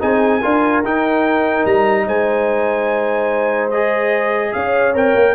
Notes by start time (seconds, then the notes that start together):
0.00 C4 D#4 G#4 G#5
0.40 D4 F4 A#4
0.82 D#4 G5
1.65 G3 A#5
2.06 G#3 C5 G#5
3.70 G#4 D#5
4.53 C#4 C#5 F5
4.94 C4 A#4 G5
5.15 A#3